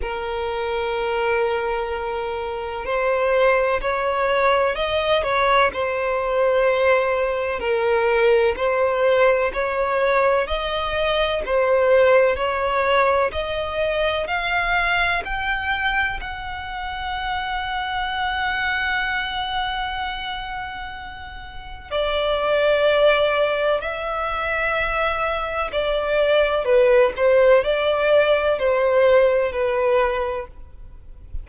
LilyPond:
\new Staff \with { instrumentName = "violin" } { \time 4/4 \tempo 4 = 63 ais'2. c''4 | cis''4 dis''8 cis''8 c''2 | ais'4 c''4 cis''4 dis''4 | c''4 cis''4 dis''4 f''4 |
g''4 fis''2.~ | fis''2. d''4~ | d''4 e''2 d''4 | b'8 c''8 d''4 c''4 b'4 | }